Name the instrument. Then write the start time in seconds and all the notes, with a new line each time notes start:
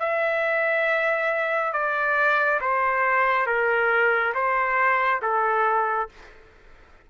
trumpet
0.00 E5
1.73 D5
2.61 C5
3.47 A#4
4.34 C5
5.22 A4